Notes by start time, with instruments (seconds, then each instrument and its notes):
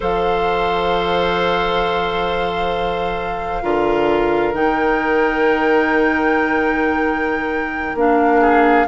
0.00 bassoon F3, clarinet A4, oboe C5, flute F5
3.62 bassoon D3, clarinet F4, oboe A#4
4.52 bassoon D#3, clarinet D#4, flute G5
7.94 bassoon A#3, clarinet D4, flute F5
8.40 oboe G#4